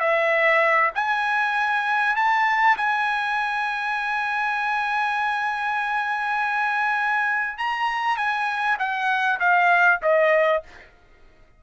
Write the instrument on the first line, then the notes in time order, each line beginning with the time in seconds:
trumpet
0.00 E5
0.95 G#5
2.16 A5
2.77 G#5
7.58 A#5
8.17 G#5
8.79 F#5
9.40 F5
10.02 D#5